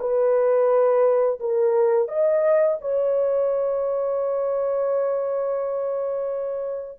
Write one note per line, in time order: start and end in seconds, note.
0.00 1.40 B4
1.40 2.08 A#4
2.08 2.78 D#5
2.81 6.99 C#5